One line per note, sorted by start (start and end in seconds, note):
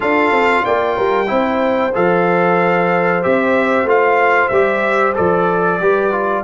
0.00 0.31 D4
0.00 1.26 F4
0.00 0.64 A4
0.00 0.64 F5
0.31 0.63 C4
0.64 0.98 A#3
0.64 0.96 D5
0.64 1.93 G5
0.96 1.30 G3
0.96 1.28 A#4
1.26 1.95 C4
1.26 1.90 E4
1.26 5.81 C5
1.94 3.24 F3
1.94 3.22 A4
1.94 3.23 F5
3.22 3.83 C4
3.22 3.87 G4
3.22 3.87 E5
3.83 4.48 A3
3.83 4.51 F4
3.83 4.48 F5
4.48 5.15 G3
4.48 5.14 G4
4.48 5.12 E5
5.14 5.79 F3
5.14 5.79 A4
5.14 6.44 D5
5.79 6.44 G3
5.79 6.11 G4
5.79 6.44 B4
6.11 6.43 F4